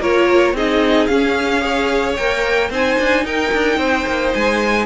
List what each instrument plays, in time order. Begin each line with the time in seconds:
0.00 cello A#3, viola F4, violin A#4 C#5
0.53 cello C4, viola D#4, violin G#4 D#5
1.07 cello C#4, viola C#4, violin F5
1.61 viola G#4, violin C#5
2.17 cello A#3, viola A#4, violin G5
2.70 cello C4, viola D#4, violin C5 G#5
2.99 cello D4
3.24 cello D#4, violin A#4 G5
3.53 cello D4
3.78 cello C4, violin C5
4.07 cello A#3
4.34 cello G#3, violin G#5